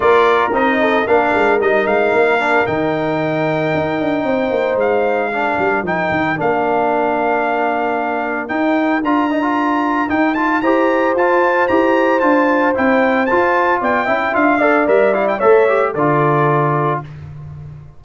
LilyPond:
<<
  \new Staff \with { instrumentName = "trumpet" } { \time 4/4 \tempo 4 = 113 d''4 dis''4 f''4 dis''8 f''8~ | f''4 g''2.~ | g''4 f''2 g''4 | f''1 |
g''4 ais''2 g''8 a''8 | ais''4 a''4 ais''4 a''4 | g''4 a''4 g''4 f''4 | e''8 f''16 g''16 e''4 d''2 | }
  \new Staff \with { instrumentName = "horn" } { \time 4/4 ais'4. a'8 ais'2~ | ais'1 | c''2 ais'2~ | ais'1~ |
ais'1 | c''1~ | c''2 d''8 e''4 d''8~ | d''4 cis''4 a'2 | }
  \new Staff \with { instrumentName = "trombone" } { \time 4/4 f'4 dis'4 d'4 dis'4~ | dis'8 d'8 dis'2.~ | dis'2 d'4 dis'4 | d'1 |
dis'4 f'8 dis'16 f'4~ f'16 dis'8 f'8 | g'4 f'4 g'4 f'4 | e'4 f'4. e'8 f'8 a'8 | ais'8 e'8 a'8 g'8 f'2 | }
  \new Staff \with { instrumentName = "tuba" } { \time 4/4 ais4 c'4 ais8 gis8 g8 gis8 | ais4 dis2 dis'8 d'8 | c'8 ais8 gis4. g8 f8 dis8 | ais1 |
dis'4 d'2 dis'4 | e'4 f'4 e'4 d'4 | c'4 f'4 b8 cis'8 d'4 | g4 a4 d2 | }
>>